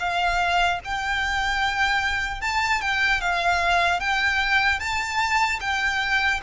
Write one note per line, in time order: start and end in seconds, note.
0.00 0.80 F5
0.85 2.41 G5
2.41 2.81 A5
2.82 3.21 G5
3.21 4.00 F5
4.00 4.80 G5
4.80 5.60 A5
5.61 6.41 G5